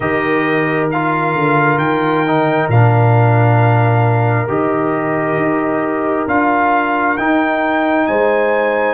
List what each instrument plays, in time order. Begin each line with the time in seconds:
0.00 tuba D#3, trombone G4, horn A#4, trumpet D#5
0.91 trombone F4, trumpet F5
1.34 tuba D3
1.77 tuba D#3, trumpet G5
2.26 trombone D#4
2.68 tuba A#2, trombone D4, trumpet F5
4.48 tuba D#3, trombone G4, trumpet D#5
5.36 tuba D#4
6.27 tuba D4, trombone F4, trumpet F5
7.17 tuba D#4, trombone D#4, trumpet G5
8.06 tuba G#3, horn C5, trumpet G#5